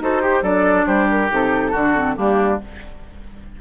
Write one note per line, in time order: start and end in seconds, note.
0.00 0.42 D#4
0.00 0.22 F#4
0.00 0.22 A4
0.00 0.43 C5
0.22 0.43 G4
0.22 0.44 G4
0.42 0.86 F#3
0.42 1.30 D4
0.42 0.86 A4
0.42 0.87 D5
0.87 1.30 G3
0.87 1.71 G4
0.87 1.08 C5
1.10 1.32 A#4
1.30 1.74 C3
1.30 1.73 D#4
1.30 2.18 A4
1.71 2.17 D3
1.71 1.96 D4
1.71 2.15 F#4
1.96 2.16 C4
2.16 2.61 G3
2.16 2.59 A#3
2.16 2.60 D4
2.16 2.61 G4